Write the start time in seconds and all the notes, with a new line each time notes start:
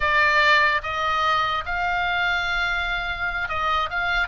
0.00 D5
0.82 D#5
1.65 F5
3.49 D#5
3.90 F5